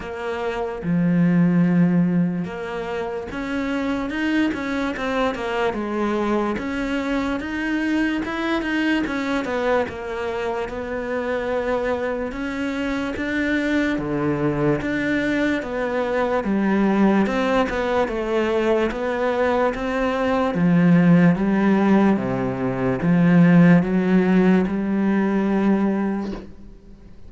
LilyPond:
\new Staff \with { instrumentName = "cello" } { \time 4/4 \tempo 4 = 73 ais4 f2 ais4 | cis'4 dis'8 cis'8 c'8 ais8 gis4 | cis'4 dis'4 e'8 dis'8 cis'8 b8 | ais4 b2 cis'4 |
d'4 d4 d'4 b4 | g4 c'8 b8 a4 b4 | c'4 f4 g4 c4 | f4 fis4 g2 | }